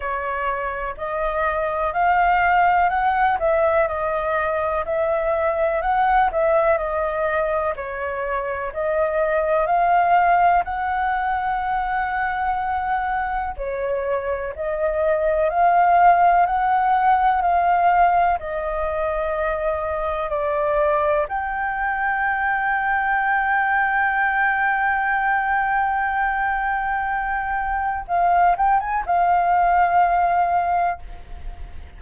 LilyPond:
\new Staff \with { instrumentName = "flute" } { \time 4/4 \tempo 4 = 62 cis''4 dis''4 f''4 fis''8 e''8 | dis''4 e''4 fis''8 e''8 dis''4 | cis''4 dis''4 f''4 fis''4~ | fis''2 cis''4 dis''4 |
f''4 fis''4 f''4 dis''4~ | dis''4 d''4 g''2~ | g''1~ | g''4 f''8 g''16 gis''16 f''2 | }